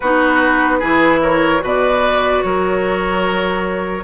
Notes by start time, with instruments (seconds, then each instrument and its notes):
0.00 bassoon B3, clarinet D#4, oboe F#4, flute B4
0.79 bassoon E3, clarinet E4, oboe G#4
1.21 oboe A#4, flute C#5
1.59 bassoon B2, clarinet F#4, oboe B4
1.66 flute D5
2.42 bassoon F#3, oboe A#4, flute C#5